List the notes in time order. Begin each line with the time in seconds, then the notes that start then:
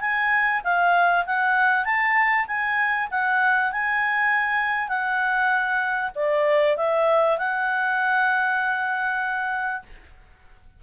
0.00 G#5
0.63 F5
1.26 F#5
1.85 A5
2.47 G#5
3.11 F#5
3.72 G#5
4.88 F#5
6.15 D5
6.77 E5
7.37 F#5